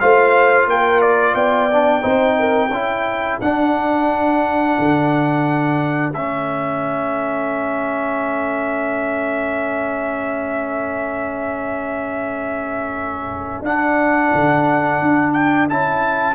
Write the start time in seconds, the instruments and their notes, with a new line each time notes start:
0.00 tuba A3, trombone F4, horn C5, trumpet F5
0.67 tuba A#3, horn A#4, trumpet G5
1.02 trumpet D5
1.35 tuba B3, horn D5, trumpet G5
1.73 trombone D4
2.01 tuba C4, trombone D#4, horn C5
2.39 horn A#4
2.70 tuba C#4, trombone E4, horn A4
3.40 tuba D4, trombone D4, trumpet F#5
4.79 tuba D3
6.13 tuba A3, trombone C#4, trumpet E5
13.62 tuba D4, trombone D4, trumpet F#5
14.34 tuba D3
15.02 tuba D4
15.33 trumpet G5
15.69 tuba C#4, trombone E4, trumpet A5